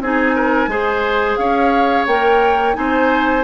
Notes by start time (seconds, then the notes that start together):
0.00 C4 D#4 G#4 G#5
0.35 A#4
0.67 G#3 G#4 C5
1.36 C#4 C#5 F5
2.06 A#3 A#4 G5
2.74 C4 D#4 C5 G#5